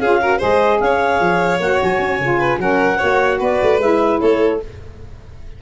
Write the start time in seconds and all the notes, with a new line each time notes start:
0.00 C#4 F4 G#4 F5
0.21 F#4 A#4
0.38 G#3 G#4 C5 D#5
0.80 C#4 C#5 F5
1.20 F3
1.60 A#3 F#4 F#5
1.83 F#3 G#5
1.99 C#4
2.19 C#3 F4
2.39 B4
2.59 F#3 C#4 A#4 F#5
2.98 A#3 F#4 C#5
3.40 B3 B4 D5
3.62 A3
3.79 G#3 E4 E5
4.20 A3 A4 C#5